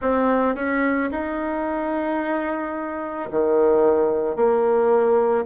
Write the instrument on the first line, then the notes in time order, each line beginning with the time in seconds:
bassoon
0.01 C4
0.55 C#4
1.11 D#4
3.30 D#3
4.36 A#3